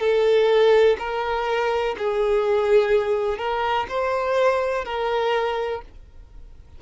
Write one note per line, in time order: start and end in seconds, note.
0.00 0.97 A4
0.99 1.96 A#4
1.98 3.38 G#4
3.38 3.86 A#4
3.89 4.85 C5
4.85 5.82 A#4